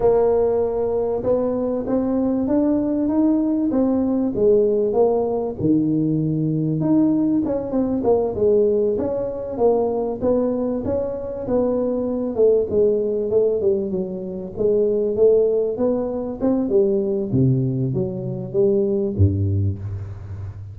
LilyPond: \new Staff \with { instrumentName = "tuba" } { \time 4/4 \tempo 4 = 97 ais2 b4 c'4 | d'4 dis'4 c'4 gis4 | ais4 dis2 dis'4 | cis'8 c'8 ais8 gis4 cis'4 ais8~ |
ais8 b4 cis'4 b4. | a8 gis4 a8 g8 fis4 gis8~ | gis8 a4 b4 c'8 g4 | c4 fis4 g4 g,4 | }